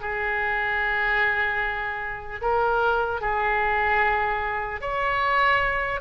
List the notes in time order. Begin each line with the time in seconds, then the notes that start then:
0.00 G#4
2.41 A#4
3.21 G#4
4.81 C#5